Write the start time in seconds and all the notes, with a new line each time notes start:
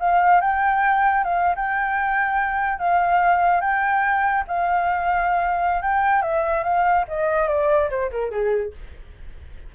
0.00 F5
0.41 G5
1.24 F5
1.56 G5
2.79 F5
3.61 G5
4.48 F5
5.82 G5
6.22 E5
6.64 F5
7.08 D#5
7.48 D5
7.90 C5
8.11 A#4
8.31 G#4